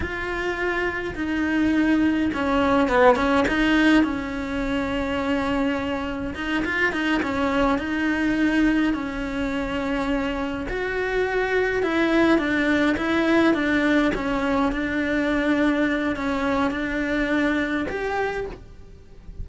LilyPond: \new Staff \with { instrumentName = "cello" } { \time 4/4 \tempo 4 = 104 f'2 dis'2 | cis'4 b8 cis'8 dis'4 cis'4~ | cis'2. dis'8 f'8 | dis'8 cis'4 dis'2 cis'8~ |
cis'2~ cis'8 fis'4.~ | fis'8 e'4 d'4 e'4 d'8~ | d'8 cis'4 d'2~ d'8 | cis'4 d'2 g'4 | }